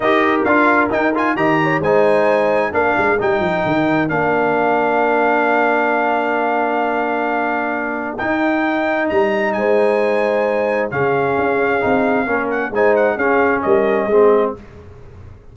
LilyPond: <<
  \new Staff \with { instrumentName = "trumpet" } { \time 4/4 \tempo 4 = 132 dis''4 f''4 g''8 gis''8 ais''4 | gis''2 f''4 g''4~ | g''4 f''2.~ | f''1~ |
f''2 g''2 | ais''4 gis''2. | f''2.~ f''8 fis''8 | gis''8 fis''8 f''4 dis''2 | }
  \new Staff \with { instrumentName = "horn" } { \time 4/4 ais'2. dis''8 cis''8 | c''2 ais'2~ | ais'1~ | ais'1~ |
ais'1~ | ais'4 c''2. | gis'2. ais'4 | c''4 gis'4 ais'4 gis'4 | }
  \new Staff \with { instrumentName = "trombone" } { \time 4/4 g'4 f'4 dis'8 f'8 g'4 | dis'2 d'4 dis'4~ | dis'4 d'2.~ | d'1~ |
d'2 dis'2~ | dis'1 | cis'2 dis'4 cis'4 | dis'4 cis'2 c'4 | }
  \new Staff \with { instrumentName = "tuba" } { \time 4/4 dis'4 d'4 dis'4 dis4 | gis2 ais8 gis8 g8 f8 | dis4 ais2.~ | ais1~ |
ais2 dis'2 | g4 gis2. | cis4 cis'4 c'4 ais4 | gis4 cis'4 g4 gis4 | }
>>